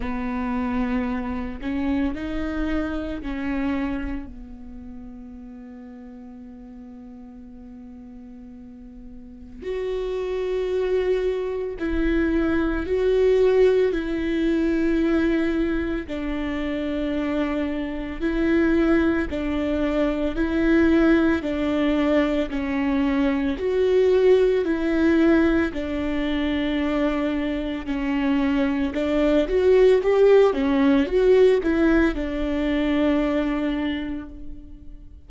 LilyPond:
\new Staff \with { instrumentName = "viola" } { \time 4/4 \tempo 4 = 56 b4. cis'8 dis'4 cis'4 | b1~ | b4 fis'2 e'4 | fis'4 e'2 d'4~ |
d'4 e'4 d'4 e'4 | d'4 cis'4 fis'4 e'4 | d'2 cis'4 d'8 fis'8 | g'8 cis'8 fis'8 e'8 d'2 | }